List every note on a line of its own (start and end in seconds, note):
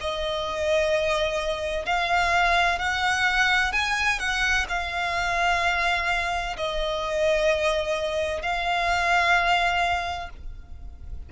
0.00 1.85 D#5
1.85 2.78 F5
2.78 3.72 F#5
3.72 4.18 G#5
4.18 4.65 F#5
4.68 6.56 F5
6.57 8.42 D#5
8.42 10.29 F5